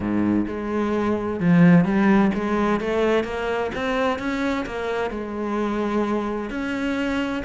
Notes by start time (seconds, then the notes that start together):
0.00 G#2
0.47 G#3
1.40 F3
1.84 G3
2.34 G#3
2.80 A3
3.24 A#3
3.74 C4
4.18 C#4
4.65 A#3
5.10 G#3
6.50 C#4